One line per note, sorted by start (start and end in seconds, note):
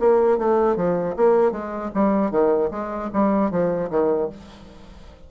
0.00 0.39 A#3
0.39 0.77 A3
0.77 1.15 F3
1.17 1.52 A#3
1.52 1.91 G#3
1.95 2.31 G3
2.31 2.70 D#3
2.71 3.10 G#3
3.13 3.51 G3
3.51 3.90 F3
3.90 4.29 D#3